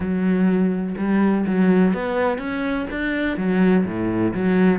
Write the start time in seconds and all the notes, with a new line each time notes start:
0.00 F#3
0.97 G3
1.46 F#3
1.93 B3
2.38 C#4
2.91 D4
3.37 F#3
3.85 A2
4.34 F#3